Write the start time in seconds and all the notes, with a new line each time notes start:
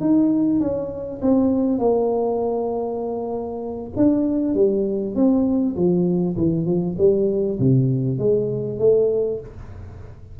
0.00 D#4
0.60 C#4
1.21 C4
1.78 A#3
3.96 D4
4.54 G3
5.15 C4
5.75 F3
6.36 E3
6.65 F3
6.98 G3
7.59 C3
8.18 G#3
8.79 A3